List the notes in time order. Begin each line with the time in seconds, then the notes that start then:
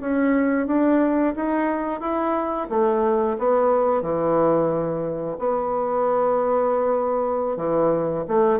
0.00 C#4
0.66 D4
1.35 D#4
2.00 E4
2.69 A3
3.38 B3
4.02 E3
5.38 B3
7.57 E3
8.28 A3